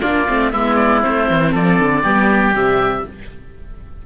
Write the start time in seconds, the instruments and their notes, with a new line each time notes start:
0.00 cello A#3, viola D4, oboe F4 D5
0.28 cello A3, viola C4
0.51 cello G#3, viola B3, oboe E4 E5
0.75 oboe D5
1.01 viola C4, oboe C5
1.08 cello A3
1.30 cello E3
1.51 cello F3, oboe A4 D5
1.79 cello D3
2.02 cello G3, viola B3, oboe G4
2.53 cello C3, viola G3, oboe E5